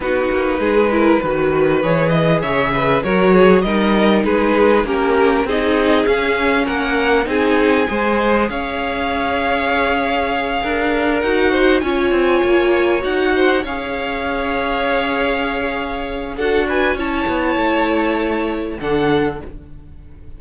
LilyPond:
<<
  \new Staff \with { instrumentName = "violin" } { \time 4/4 \tempo 4 = 99 b'2. cis''8 dis''8 | e''4 cis''4 dis''4 b'4 | ais'4 dis''4 f''4 fis''4 | gis''2 f''2~ |
f''2~ f''8 fis''4 gis''8~ | gis''4. fis''4 f''4.~ | f''2. fis''8 gis''8 | a''2. fis''4 | }
  \new Staff \with { instrumentName = "violin" } { \time 4/4 fis'4 gis'8 ais'8 b'2 | cis''8 b'8 ais'8 gis'8 ais'4 gis'4 | g'4 gis'2 ais'4 | gis'4 c''4 cis''2~ |
cis''4. ais'4. c''8 cis''8~ | cis''2 c''8 cis''4.~ | cis''2. a'8 b'8 | cis''2. a'4 | }
  \new Staff \with { instrumentName = "viola" } { \time 4/4 dis'4. e'8 fis'4 gis'4~ | gis'4 fis'4 dis'2 | cis'4 dis'4 cis'2 | dis'4 gis'2.~ |
gis'2~ gis'8 fis'4 f'8~ | f'4. fis'4 gis'4.~ | gis'2. fis'4 | e'2. d'4 | }
  \new Staff \with { instrumentName = "cello" } { \time 4/4 b8 ais8 gis4 dis4 e4 | cis4 fis4 g4 gis4 | ais4 c'4 cis'4 ais4 | c'4 gis4 cis'2~ |
cis'4. d'4 dis'4 cis'8 | c'8 ais4 dis'4 cis'4.~ | cis'2. d'4 | cis'8 b8 a2 d4 | }
>>